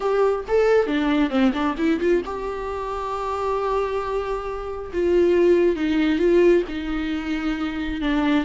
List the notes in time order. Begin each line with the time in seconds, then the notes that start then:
0.00 G4
0.48 A4
0.87 D4
1.30 C4
1.53 D4
1.77 E4
1.99 F4
2.25 G4
4.93 F4
5.76 D#4
6.18 F4
6.68 D#4
8.01 D4